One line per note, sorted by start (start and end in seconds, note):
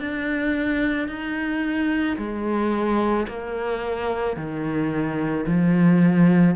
0.00 1.08 D4
1.08 2.17 D#4
2.18 3.27 G#3
3.28 4.36 A#3
4.36 5.45 D#3
5.46 6.56 F3